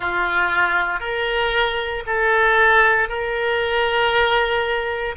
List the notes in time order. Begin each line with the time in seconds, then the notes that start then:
0.00 F4
1.00 A#4
2.06 A4
3.08 A#4